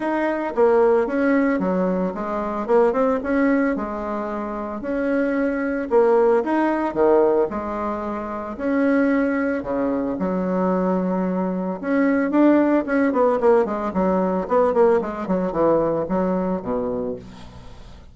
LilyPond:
\new Staff \with { instrumentName = "bassoon" } { \time 4/4 \tempo 4 = 112 dis'4 ais4 cis'4 fis4 | gis4 ais8 c'8 cis'4 gis4~ | gis4 cis'2 ais4 | dis'4 dis4 gis2 |
cis'2 cis4 fis4~ | fis2 cis'4 d'4 | cis'8 b8 ais8 gis8 fis4 b8 ais8 | gis8 fis8 e4 fis4 b,4 | }